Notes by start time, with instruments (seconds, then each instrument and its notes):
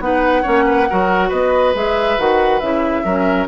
0.00 bassoon B3, clarinet D#4, oboe B4, flute F#5
0.42 bassoon A#3, clarinet C#4, oboe C#5
0.66 oboe B4
0.90 bassoon F#3, clarinet F#4, oboe A#4
1.29 bassoon B3, oboe B4, flute D#5
1.74 bassoon G#3, clarinet G#4, flute E5
2.18 bassoon D#3, clarinet F#4, flute F#5
2.60 bassoon C#3, clarinet E4, flute E5
3.04 bassoon F#3, clarinet C#4, oboe A#4